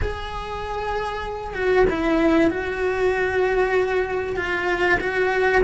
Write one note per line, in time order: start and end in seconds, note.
0.01 1.54 G#4
1.54 1.85 F#4
1.89 2.50 E4
2.50 4.36 F#4
4.36 4.99 F4
4.99 5.62 F#4